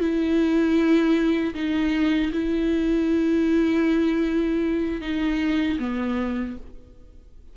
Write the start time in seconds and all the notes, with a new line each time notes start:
0.00 E4
1.54 D#4
2.32 E4
5.01 D#4
5.79 B3